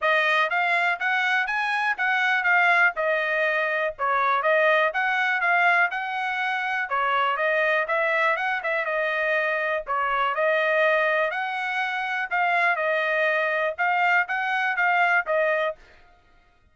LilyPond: \new Staff \with { instrumentName = "trumpet" } { \time 4/4 \tempo 4 = 122 dis''4 f''4 fis''4 gis''4 | fis''4 f''4 dis''2 | cis''4 dis''4 fis''4 f''4 | fis''2 cis''4 dis''4 |
e''4 fis''8 e''8 dis''2 | cis''4 dis''2 fis''4~ | fis''4 f''4 dis''2 | f''4 fis''4 f''4 dis''4 | }